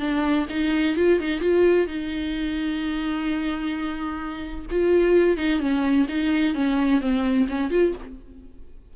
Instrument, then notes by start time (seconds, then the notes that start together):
viola
0.00 D4
0.50 D#4
0.97 F4
1.20 D#4
1.41 F4
1.88 D#4
4.71 F4
5.37 D#4
5.60 C#4
6.09 D#4
6.55 C#4
7.01 C4
7.49 C#4
7.71 F4